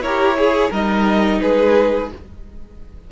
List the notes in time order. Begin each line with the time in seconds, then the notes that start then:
0.00 E4 G4 A#4 C#5
0.37 G#4
0.70 G3 D#4 A#4 D#5
1.41 G#3 G#4 B4